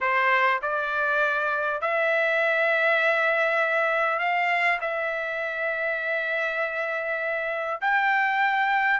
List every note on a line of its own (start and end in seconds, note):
0.01 0.61 C5
0.62 1.81 D5
1.81 4.19 E5
4.19 4.79 F5
4.80 7.80 E5
7.81 9.00 G5